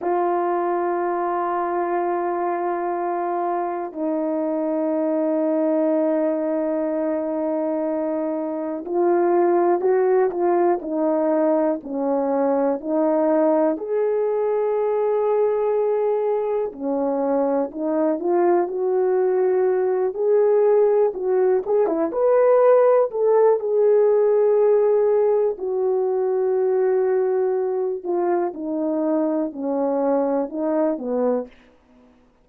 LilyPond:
\new Staff \with { instrumentName = "horn" } { \time 4/4 \tempo 4 = 61 f'1 | dis'1~ | dis'4 f'4 fis'8 f'8 dis'4 | cis'4 dis'4 gis'2~ |
gis'4 cis'4 dis'8 f'8 fis'4~ | fis'8 gis'4 fis'8 gis'16 e'16 b'4 a'8 | gis'2 fis'2~ | fis'8 f'8 dis'4 cis'4 dis'8 b8 | }